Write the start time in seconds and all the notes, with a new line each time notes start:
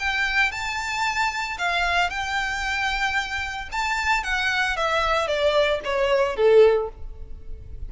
0.00 G5
0.52 A5
1.59 F5
2.10 G5
3.72 A5
4.24 F#5
4.77 E5
5.28 D5
5.85 C#5
6.36 A4